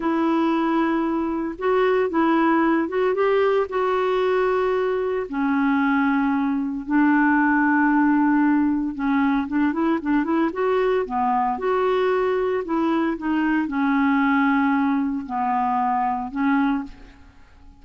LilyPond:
\new Staff \with { instrumentName = "clarinet" } { \time 4/4 \tempo 4 = 114 e'2. fis'4 | e'4. fis'8 g'4 fis'4~ | fis'2 cis'2~ | cis'4 d'2.~ |
d'4 cis'4 d'8 e'8 d'8 e'8 | fis'4 b4 fis'2 | e'4 dis'4 cis'2~ | cis'4 b2 cis'4 | }